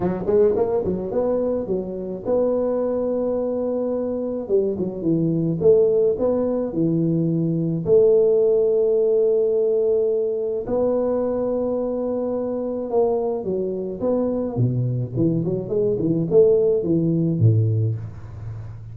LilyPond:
\new Staff \with { instrumentName = "tuba" } { \time 4/4 \tempo 4 = 107 fis8 gis8 ais8 fis8 b4 fis4 | b1 | g8 fis8 e4 a4 b4 | e2 a2~ |
a2. b4~ | b2. ais4 | fis4 b4 b,4 e8 fis8 | gis8 e8 a4 e4 a,4 | }